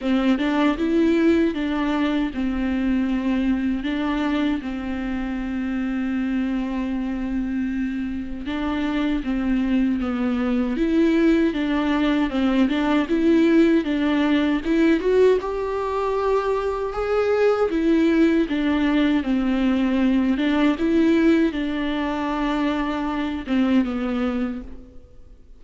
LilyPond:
\new Staff \with { instrumentName = "viola" } { \time 4/4 \tempo 4 = 78 c'8 d'8 e'4 d'4 c'4~ | c'4 d'4 c'2~ | c'2. d'4 | c'4 b4 e'4 d'4 |
c'8 d'8 e'4 d'4 e'8 fis'8 | g'2 gis'4 e'4 | d'4 c'4. d'8 e'4 | d'2~ d'8 c'8 b4 | }